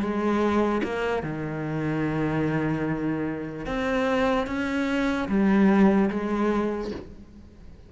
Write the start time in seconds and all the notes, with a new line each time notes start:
0.00 G#3
0.83 A#3
1.23 D#3
3.66 C4
4.46 C#4
5.28 G3
6.10 G#3